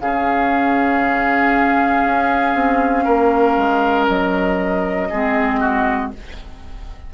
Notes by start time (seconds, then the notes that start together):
0.00 C#3 C#4 G#4 F5
2.04 C#4
2.54 C4
3.04 A#3 A#4
3.57 G#3
4.07 F#3 D#5
5.10 G#3 C4 G#4
5.60 F#4